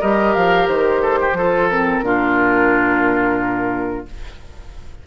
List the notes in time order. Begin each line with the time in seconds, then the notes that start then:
0.00 G3 G4 A#4 D#5
0.33 F3 F5
0.67 D#3 C5
1.02 A4
1.20 G4
1.32 F3 F4 A4
1.69 C4 A#4
2.02 A#2 D4 F4